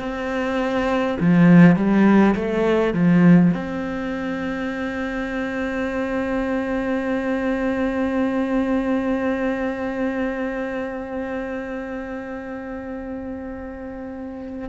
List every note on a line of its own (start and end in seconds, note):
0.00 1.18 C4
1.20 1.76 F3
1.76 2.35 G3
2.35 2.94 A3
2.94 3.53 F3
3.54 14.70 C4